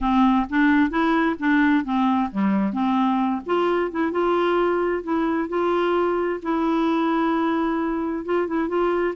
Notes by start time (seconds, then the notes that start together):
0.00 C4
0.49 D4
0.90 E4
1.39 D4
1.84 C4
2.31 G3
2.72 C4
3.46 F4
3.91 E4
4.11 F4
5.03 E4
5.49 F4
6.42 E4
8.25 F4
8.47 E4
8.68 F4